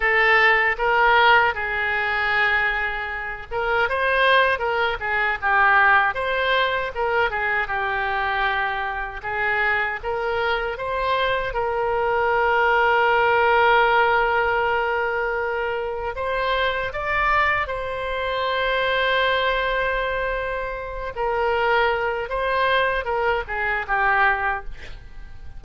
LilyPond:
\new Staff \with { instrumentName = "oboe" } { \time 4/4 \tempo 4 = 78 a'4 ais'4 gis'2~ | gis'8 ais'8 c''4 ais'8 gis'8 g'4 | c''4 ais'8 gis'8 g'2 | gis'4 ais'4 c''4 ais'4~ |
ais'1~ | ais'4 c''4 d''4 c''4~ | c''2.~ c''8 ais'8~ | ais'4 c''4 ais'8 gis'8 g'4 | }